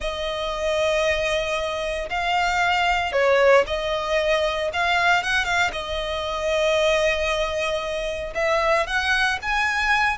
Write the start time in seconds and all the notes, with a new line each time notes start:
0.00 D#5
2.09 F5
3.12 C#5
3.66 D#5
4.73 F5
5.23 F#5
5.44 F5
5.72 D#5
8.34 E5
8.86 F#5
9.42 G#5